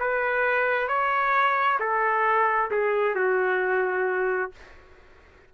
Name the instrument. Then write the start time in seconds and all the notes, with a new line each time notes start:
trumpet
0.00 B4
0.88 C#5
1.80 A4
2.71 G#4
3.15 F#4